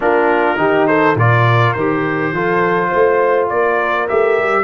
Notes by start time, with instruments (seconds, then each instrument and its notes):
0.00 tuba A#3, trombone D4, horn F4, trumpet A#4
0.57 tuba D#3, trombone D#4, horn G4
0.87 horn A4, trumpet C5
1.15 tuba A#2, trombone F4, horn A#4, trumpet D5
1.73 tuba D#3, trombone G4, trumpet C5
2.32 tuba F3, trombone F4, horn A4
2.88 tuba A3, horn C5
3.48 tuba A#3, horn A#4, trumpet D5
4.08 tuba A3, trombone G4, trumpet E5
4.38 tuba G3